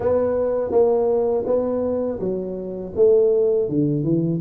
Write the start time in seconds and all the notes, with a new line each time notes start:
0.00 B3
0.71 A#3
1.46 B3
2.19 F#3
2.95 A3
3.68 D3
4.03 E3